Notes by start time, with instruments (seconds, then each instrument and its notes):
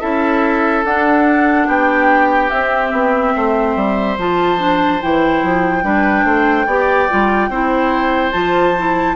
0.00 bassoon C#4, clarinet E4, oboe A4, flute E5
0.84 bassoon D4, clarinet D4, flute F#5
1.67 bassoon B3, oboe G4, flute G5
2.50 clarinet C4, bassoon C4, flute E5
2.92 bassoon B3
3.36 bassoon A3, oboe C5
3.76 bassoon G3
4.18 bassoon F3, clarinet F4, flute A5
4.58 clarinet D4
5.01 bassoon E3, clarinet E4, flute G5
5.43 bassoon F3
5.83 bassoon G3, clarinet D4, oboe B4
6.24 bassoon A3, oboe C5
6.66 bassoon B3, clarinet G4, oboe D5
7.09 bassoon G3, clarinet F4
7.49 bassoon C4, clarinet E4, oboe C5
8.32 bassoon F3, clarinet F4, flute A5
8.77 clarinet E4